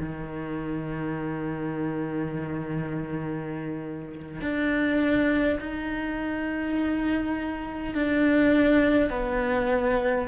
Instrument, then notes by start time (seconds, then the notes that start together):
cello
0.00 D#3
4.41 D4
5.60 D#4
7.94 D4
9.10 B3